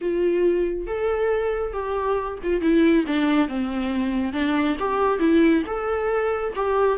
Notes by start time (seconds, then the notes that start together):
0.01 F4
0.87 A4
1.73 G4
2.43 F4
2.61 E4
3.06 D4
3.48 C4
4.32 D4
4.79 G4
5.19 E4
5.66 A4
6.55 G4